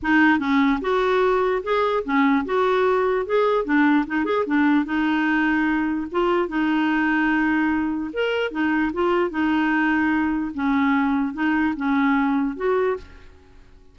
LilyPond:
\new Staff \with { instrumentName = "clarinet" } { \time 4/4 \tempo 4 = 148 dis'4 cis'4 fis'2 | gis'4 cis'4 fis'2 | gis'4 d'4 dis'8 gis'8 d'4 | dis'2. f'4 |
dis'1 | ais'4 dis'4 f'4 dis'4~ | dis'2 cis'2 | dis'4 cis'2 fis'4 | }